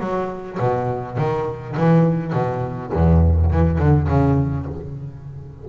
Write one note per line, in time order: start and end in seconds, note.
0.00 0.58 F#3
0.59 1.18 B2
1.18 1.76 D#3
1.77 2.33 E3
2.33 2.91 B2
2.93 3.51 E2
3.51 3.79 E3
3.79 4.08 D3
4.08 4.66 C#3